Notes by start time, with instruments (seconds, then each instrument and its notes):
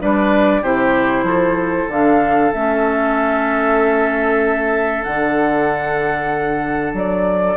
0.00 bassoon G3, clarinet D4, oboe B4, flute D5
0.62 bassoon C3, clarinet E4, oboe G4, flute C5
1.23 bassoon F3, oboe A4
1.88 bassoon D3, clarinet D4, flute F5
2.53 bassoon A3, clarinet C#4, flute E5
5.03 bassoon D3, clarinet D4, flute F#5
6.94 bassoon F#3, flute D5